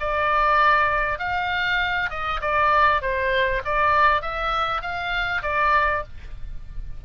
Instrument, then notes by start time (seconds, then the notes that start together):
oboe
0.00 D5
1.19 F5
2.10 D#5
2.41 D5
3.02 C5
3.65 D5
4.21 E5
4.82 F5
5.42 D5